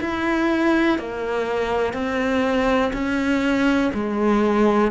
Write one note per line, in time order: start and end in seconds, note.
0.00 0.98 E4
0.98 1.93 A#3
1.93 2.91 C4
2.93 3.91 C#4
3.93 4.91 G#3